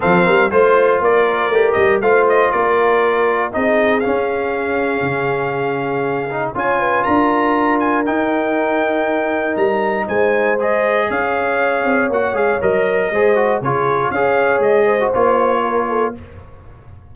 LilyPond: <<
  \new Staff \with { instrumentName = "trumpet" } { \time 4/4 \tempo 4 = 119 f''4 c''4 d''4. dis''8 | f''8 dis''8 d''2 dis''4 | f''1~ | f''4 gis''4 ais''4. gis''8 |
g''2. ais''4 | gis''4 dis''4 f''2 | fis''8 f''8 dis''2 cis''4 | f''4 dis''4 cis''2 | }
  \new Staff \with { instrumentName = "horn" } { \time 4/4 a'8 ais'8 c''4 ais'2 | c''4 ais'2 gis'4~ | gis'1~ | gis'4 cis''8 b'8 ais'2~ |
ais'1 | c''2 cis''2~ | cis''2 c''4 gis'4 | cis''4. c''4. ais'8 a'8 | }
  \new Staff \with { instrumentName = "trombone" } { \time 4/4 c'4 f'2 g'4 | f'2. dis'4 | cis'1~ | cis'8 dis'8 f'2. |
dis'1~ | dis'4 gis'2. | fis'8 gis'8 ais'4 gis'8 fis'8 f'4 | gis'4.~ gis'16 fis'16 f'2 | }
  \new Staff \with { instrumentName = "tuba" } { \time 4/4 f8 g8 a4 ais4 a8 g8 | a4 ais2 c'4 | cis'2 cis2~ | cis4 cis'4 d'2 |
dis'2. g4 | gis2 cis'4. c'8 | ais8 gis8 fis4 gis4 cis4 | cis'4 gis4 ais2 | }
>>